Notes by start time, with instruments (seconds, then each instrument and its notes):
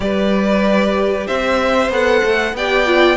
0.00 cello G3, viola G4, violin B4 D5
1.26 cello C4, violin C5 E5
1.89 cello B3, viola A4, violin F#5
2.24 cello A3
2.53 cello B3, viola G4, violin D5 G5
2.86 viola F4